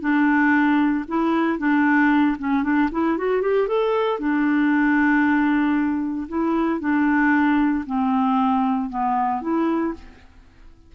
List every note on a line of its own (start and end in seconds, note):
0.00 1.04 D4
1.08 1.58 E4
1.58 2.36 D4
2.38 2.63 C#4
2.63 2.89 D4
2.91 3.17 E4
3.18 3.42 F#4
3.42 3.67 G4
3.67 4.19 A4
4.19 6.28 D4
6.28 6.80 E4
6.80 7.84 D4
7.86 8.89 C4
8.89 9.41 B3
9.41 9.93 E4